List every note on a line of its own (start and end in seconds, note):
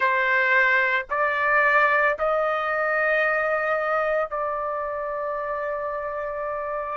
0.00 1.05 C5
1.10 2.17 D5
2.18 4.30 D#5
4.30 6.97 D5